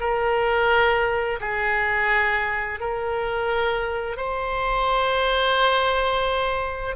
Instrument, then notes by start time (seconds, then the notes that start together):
oboe
0.00 A#4
1.40 G#4
2.80 A#4
4.16 C5